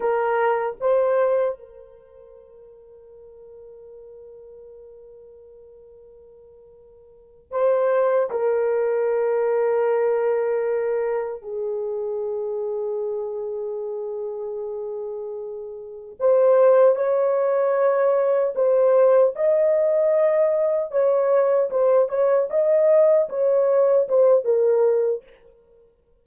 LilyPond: \new Staff \with { instrumentName = "horn" } { \time 4/4 \tempo 4 = 76 ais'4 c''4 ais'2~ | ais'1~ | ais'4. c''4 ais'4.~ | ais'2~ ais'8 gis'4.~ |
gis'1~ | gis'8 c''4 cis''2 c''8~ | c''8 dis''2 cis''4 c''8 | cis''8 dis''4 cis''4 c''8 ais'4 | }